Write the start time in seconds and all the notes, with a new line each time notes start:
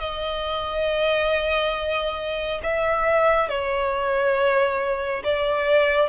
0.00 D#5
2.63 E5
3.49 C#5
5.24 D5